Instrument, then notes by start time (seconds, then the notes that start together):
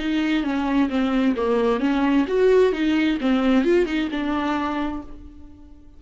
viola
0.00 D#4
0.44 C#4
0.90 C4
1.37 A#3
1.81 C#4
2.28 F#4
2.73 D#4
3.21 C4
3.65 F4
3.86 D#4
4.12 D4